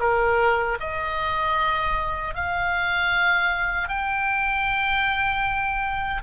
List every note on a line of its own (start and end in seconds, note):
0.00 0.78 A#4
0.80 2.35 D#5
2.35 3.88 F5
3.88 6.22 G5